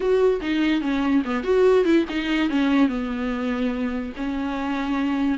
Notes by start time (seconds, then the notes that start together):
0.00 F#4
0.41 D#4
0.81 C#4
1.24 B3
1.43 F#4
1.84 E4
2.09 D#4
2.49 C#4
2.88 B3
4.16 C#4